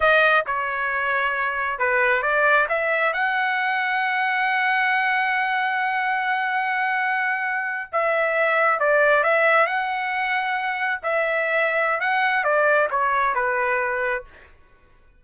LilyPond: \new Staff \with { instrumentName = "trumpet" } { \time 4/4 \tempo 4 = 135 dis''4 cis''2. | b'4 d''4 e''4 fis''4~ | fis''1~ | fis''1~ |
fis''4.~ fis''16 e''2 d''16~ | d''8. e''4 fis''2~ fis''16~ | fis''8. e''2~ e''16 fis''4 | d''4 cis''4 b'2 | }